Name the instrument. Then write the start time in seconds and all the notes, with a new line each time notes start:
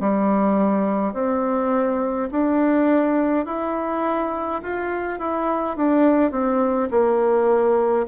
bassoon
0.00 G3
1.13 C4
2.31 D4
3.46 E4
4.62 F4
5.19 E4
5.76 D4
6.31 C4
6.90 A#3